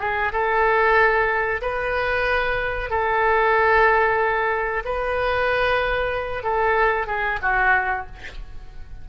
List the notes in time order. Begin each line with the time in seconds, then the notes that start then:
0.00 G#4
0.33 A4
1.62 B4
2.90 A4
4.85 B4
6.44 A4
7.07 G#4
7.42 F#4